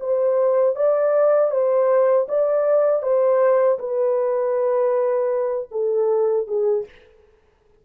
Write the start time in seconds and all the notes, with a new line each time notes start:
0.00 C5
0.76 D5
1.51 C5
2.29 D5
3.03 C5
3.79 B4
5.71 A4
6.47 G#4